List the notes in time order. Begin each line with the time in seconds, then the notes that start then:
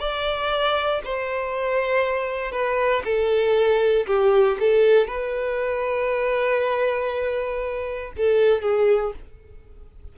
0.00 D5
1.04 C5
2.52 B4
3.05 A4
4.07 G4
4.60 A4
5.08 B4
8.17 A4
8.62 G#4